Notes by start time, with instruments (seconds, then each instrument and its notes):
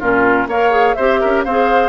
0.00 bassoon A#2, clarinet C#4, oboe F4, flute A#4
0.48 bassoon A#3, clarinet A#4, oboe C#5, flute F5
0.71 clarinet G#4
0.95 bassoon C4, clarinet G4, oboe C5, flute E5
1.21 bassoon C#4, oboe A#4
1.45 bassoon C4, clarinet G#4, oboe C5, flute F5